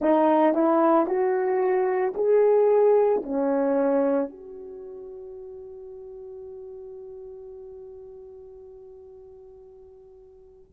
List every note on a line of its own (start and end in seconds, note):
0.00 0.54 D#4
0.54 1.06 E4
1.06 2.13 F#4
2.14 3.21 G#4
3.23 4.29 C#4
4.29 10.72 F#4